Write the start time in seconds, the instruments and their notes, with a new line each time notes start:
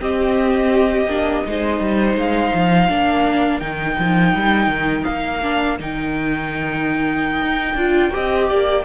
0.00 viola C4, cello C4, violin G4 D#5
1.06 cello A#3, viola D4
1.45 cello G#3, viola D#4, violin C5
1.80 cello G3
2.15 cello G#3, violin F5
2.54 cello F3
2.89 cello A#3, viola D4, violin A#4
3.60 cello D#3, viola D#4, violin G5
3.99 cello F3
4.35 cello G3
4.68 cello D#3
5.05 cello A#3, violin F5
5.43 viola D4
5.79 cello D#3, viola D#4, violin G5
7.42 cello D#4
7.74 cello D4, viola F4
8.11 cello C4, viola G4, violin D#5
8.49 cello A#3, violin D5